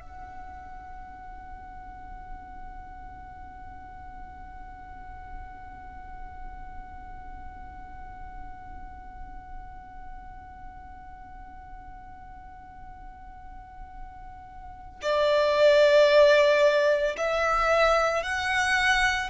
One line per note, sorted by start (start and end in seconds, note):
0.00 15.00 F#5
15.01 17.16 D5
17.17 18.22 E5
18.22 19.30 F#5